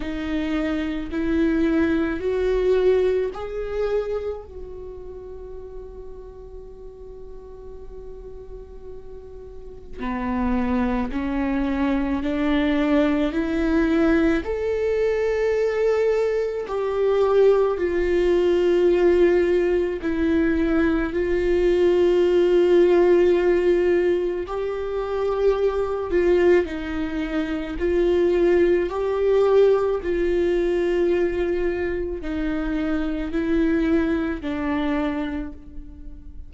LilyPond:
\new Staff \with { instrumentName = "viola" } { \time 4/4 \tempo 4 = 54 dis'4 e'4 fis'4 gis'4 | fis'1~ | fis'4 b4 cis'4 d'4 | e'4 a'2 g'4 |
f'2 e'4 f'4~ | f'2 g'4. f'8 | dis'4 f'4 g'4 f'4~ | f'4 dis'4 e'4 d'4 | }